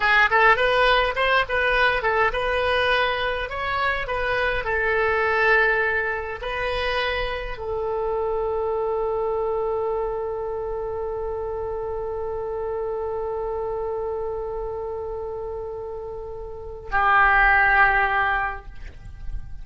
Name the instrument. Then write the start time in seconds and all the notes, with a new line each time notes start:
oboe
0.00 G#4
0.30 A4
0.56 B4
1.15 C5
1.48 B4
2.02 A4
2.32 B4
3.49 C#5
4.07 B4
4.64 A4
6.41 B4
7.57 A4
16.91 G4